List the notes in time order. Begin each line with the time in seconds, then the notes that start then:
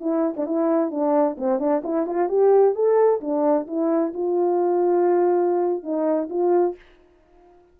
0.00 E4
0.36 D4
0.46 E4
0.91 D4
1.37 C4
1.59 D4
1.83 E4
2.06 F4
2.29 G4
2.74 A4
3.21 D4
3.67 E4
4.13 F4
5.83 D#4
6.29 F4